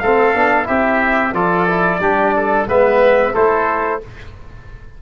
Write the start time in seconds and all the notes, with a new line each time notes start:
0.00 A3 C4 A4 F5
0.35 B3 D4
0.64 C4 E4 G4 E5
1.34 F3 F4 A4 D5
1.69 E4
2.00 G3 D4 G4
2.37 A4
2.67 G#3 B3 B4 E5
3.34 A3 E4 A4 C5